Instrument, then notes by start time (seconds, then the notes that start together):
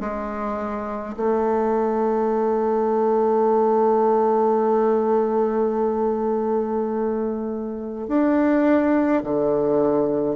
bassoon
0.00 G#3
1.16 A3
8.08 D4
9.23 D3